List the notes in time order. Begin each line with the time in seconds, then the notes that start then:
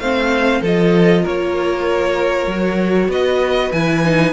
0.00 A3 C4 C5 F5
0.62 F3 F4 A4 D#5
1.23 A#3 A#4 C#5
2.47 F#3 F#4
3.09 B3 B4 D#5
3.72 E3 E4 G#5
4.05 D#4